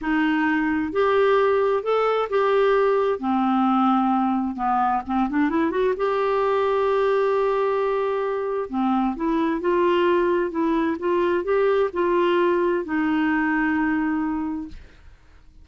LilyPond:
\new Staff \with { instrumentName = "clarinet" } { \time 4/4 \tempo 4 = 131 dis'2 g'2 | a'4 g'2 c'4~ | c'2 b4 c'8 d'8 | e'8 fis'8 g'2.~ |
g'2. c'4 | e'4 f'2 e'4 | f'4 g'4 f'2 | dis'1 | }